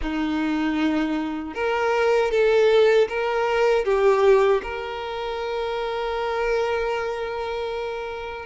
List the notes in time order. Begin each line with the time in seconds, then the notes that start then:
0.01 D#4
1.54 A#4
2.31 A4
3.08 A#4
3.85 G4
4.62 A#4